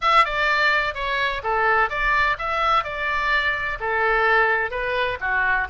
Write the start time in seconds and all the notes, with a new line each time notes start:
0.01 E5
0.24 D5
0.94 C#5
1.43 A4
1.89 D5
2.38 E5
2.84 D5
3.79 A4
4.71 B4
5.20 F#4